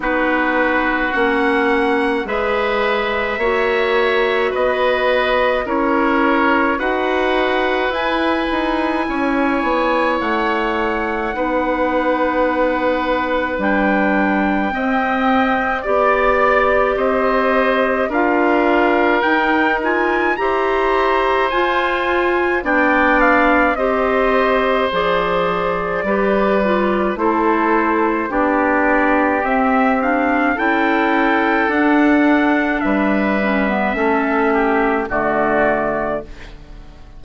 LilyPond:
<<
  \new Staff \with { instrumentName = "trumpet" } { \time 4/4 \tempo 4 = 53 b'4 fis''4 e''2 | dis''4 cis''4 fis''4 gis''4~ | gis''4 fis''2. | g''2 d''4 dis''4 |
f''4 g''8 gis''8 ais''4 gis''4 | g''8 f''8 dis''4 d''2 | c''4 d''4 e''8 f''8 g''4 | fis''4 e''2 d''4 | }
  \new Staff \with { instrumentName = "oboe" } { \time 4/4 fis'2 b'4 cis''4 | b'4 ais'4 b'2 | cis''2 b'2~ | b'4 dis''4 d''4 c''4 |
ais'2 c''2 | d''4 c''2 b'4 | a'4 g'2 a'4~ | a'4 b'4 a'8 g'8 fis'4 | }
  \new Staff \with { instrumentName = "clarinet" } { \time 4/4 dis'4 cis'4 gis'4 fis'4~ | fis'4 e'4 fis'4 e'4~ | e'2 dis'2 | d'4 c'4 g'2 |
f'4 dis'8 f'8 g'4 f'4 | d'4 g'4 gis'4 g'8 f'8 | e'4 d'4 c'8 d'8 e'4 | d'4. cis'16 b16 cis'4 a4 | }
  \new Staff \with { instrumentName = "bassoon" } { \time 4/4 b4 ais4 gis4 ais4 | b4 cis'4 dis'4 e'8 dis'8 | cis'8 b8 a4 b2 | g4 c'4 b4 c'4 |
d'4 dis'4 e'4 f'4 | b4 c'4 f4 g4 | a4 b4 c'4 cis'4 | d'4 g4 a4 d4 | }
>>